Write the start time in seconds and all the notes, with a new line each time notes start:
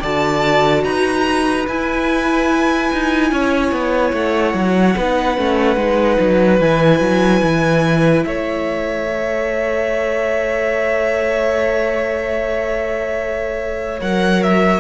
0.00 D3 F#4 D5 A5
0.84 D#4 B4 A#5
1.68 E4 G#5
2.92 D#4
3.32 C#4 C#5
3.72 B3
4.13 A3 F#5
4.54 F#3
4.96 B3 D#4 B4
5.38 A3 C#4
5.76 G#3 D#4
6.20 F#3
6.60 E3 E4 G#5
7.01 F#3
7.43 E3
8.24 A3 C#5 E5
9.06 A4
14.01 F#3 A#4 F#5
14.43 E5